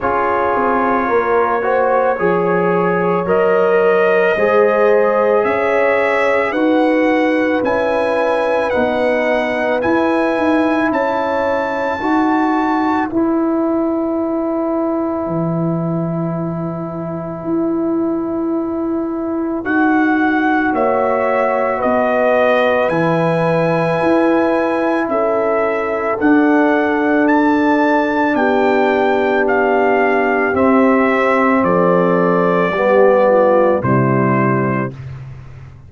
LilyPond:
<<
  \new Staff \with { instrumentName = "trumpet" } { \time 4/4 \tempo 4 = 55 cis''2. dis''4~ | dis''4 e''4 fis''4 gis''4 | fis''4 gis''4 a''2 | gis''1~ |
gis''2 fis''4 e''4 | dis''4 gis''2 e''4 | fis''4 a''4 g''4 f''4 | e''4 d''2 c''4 | }
  \new Staff \with { instrumentName = "horn" } { \time 4/4 gis'4 ais'8 c''8 cis''2 | c''4 cis''4 b'2~ | b'2 cis''4 b'4~ | b'1~ |
b'2. cis''4 | b'2. a'4~ | a'2 g'2~ | g'4 a'4 g'8 f'8 e'4 | }
  \new Staff \with { instrumentName = "trombone" } { \time 4/4 f'4. fis'8 gis'4 ais'4 | gis'2 fis'4 e'4 | dis'4 e'2 fis'4 | e'1~ |
e'2 fis'2~ | fis'4 e'2. | d'1 | c'2 b4 g4 | }
  \new Staff \with { instrumentName = "tuba" } { \time 4/4 cis'8 c'8 ais4 f4 fis4 | gis4 cis'4 dis'4 cis'4 | b4 e'8 dis'8 cis'4 dis'4 | e'2 e2 |
e'2 dis'4 ais4 | b4 e4 e'4 cis'4 | d'2 b2 | c'4 f4 g4 c4 | }
>>